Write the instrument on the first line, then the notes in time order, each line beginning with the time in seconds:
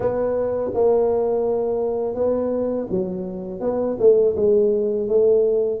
tuba
0.00 B3
0.74 A#3
2.14 B3
2.89 F#3
3.60 B3
3.99 A3
4.35 G#3
5.08 A3